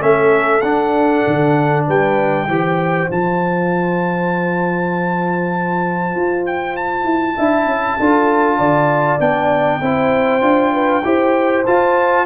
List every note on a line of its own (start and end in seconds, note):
0.00 0.62 A3
0.00 0.61 C#4
0.00 1.86 A4
0.00 0.61 E5
0.61 1.23 D4
0.61 2.47 D4
0.61 1.83 F#5
1.27 1.88 D3
1.86 2.47 G3
1.86 2.47 B4
1.86 3.10 G5
2.47 3.09 E3
2.47 3.09 G4
2.47 7.36 C5
3.09 6.15 F3
3.09 7.38 F4
3.09 6.46 A5
6.15 7.04 F4
6.46 6.76 G5
6.76 9.20 A5
7.04 7.35 E4
7.36 7.66 D4
7.36 7.99 E4
7.36 7.97 E5
7.66 7.96 C#4
7.99 8.59 D4
7.99 9.19 F4
7.99 8.57 A4
8.57 9.19 D3
8.57 9.80 D5
9.19 9.80 B3
9.19 9.80 D4
9.19 11.65 G5
9.81 10.41 C4
9.81 10.41 E4
9.81 10.73 C5
10.41 11.02 D4
10.41 11.02 F4
10.73 11.03 B4
11.04 11.65 E4
11.04 11.65 G4
11.04 12.26 C5
11.66 12.26 F4
11.66 12.26 A5